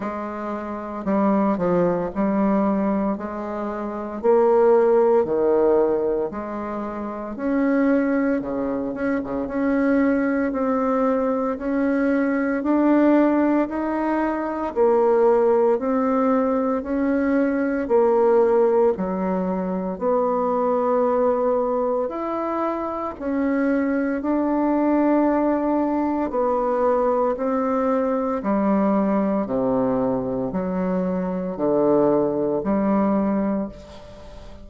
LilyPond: \new Staff \with { instrumentName = "bassoon" } { \time 4/4 \tempo 4 = 57 gis4 g8 f8 g4 gis4 | ais4 dis4 gis4 cis'4 | cis8 cis'16 cis16 cis'4 c'4 cis'4 | d'4 dis'4 ais4 c'4 |
cis'4 ais4 fis4 b4~ | b4 e'4 cis'4 d'4~ | d'4 b4 c'4 g4 | c4 fis4 d4 g4 | }